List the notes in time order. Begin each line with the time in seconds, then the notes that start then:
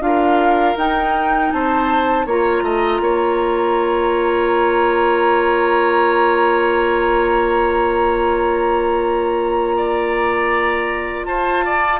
0.00 D4 F4 A#4 F5
0.76 D#4 G5
1.52 C4 C5 A5
2.26 A#3 F4 C#5 A#5
2.62 A3 D#5
3.00 A#3 C#5
9.77 D5
11.25 F4 C5 A5
11.65 D5